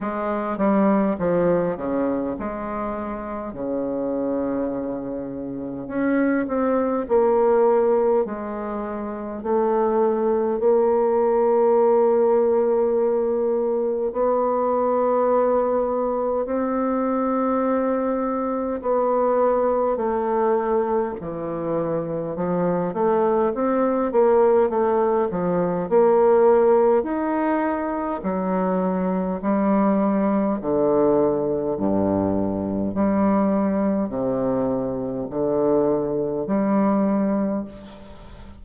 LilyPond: \new Staff \with { instrumentName = "bassoon" } { \time 4/4 \tempo 4 = 51 gis8 g8 f8 cis8 gis4 cis4~ | cis4 cis'8 c'8 ais4 gis4 | a4 ais2. | b2 c'2 |
b4 a4 e4 f8 a8 | c'8 ais8 a8 f8 ais4 dis'4 | fis4 g4 d4 g,4 | g4 c4 d4 g4 | }